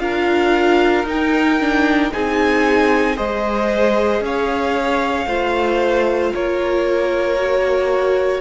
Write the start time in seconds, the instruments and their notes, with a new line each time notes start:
0.00 cello D4, viola F4, violin A#4 F5
1.05 cello D#4, viola D#4, violin G5
1.61 viola D4
2.12 cello C4, viola D#4, violin G#4 G#5
3.17 cello G#3, viola G#4, violin C5 D#5
4.21 cello C#4, violin C#5 F5
5.26 cello A3, viola F4, violin C5
6.34 cello A#3, violin A#4 C#5
7.37 viola F#4